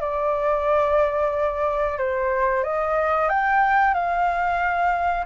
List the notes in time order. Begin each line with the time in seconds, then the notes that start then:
0.00 D5
1.98 C5
2.63 D#5
3.29 G5
3.94 F5